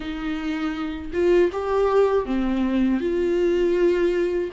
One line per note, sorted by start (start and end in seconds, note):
0.00 1.11 D#4
1.12 1.50 F4
1.52 2.25 G4
2.25 3.00 C4
3.00 4.50 F4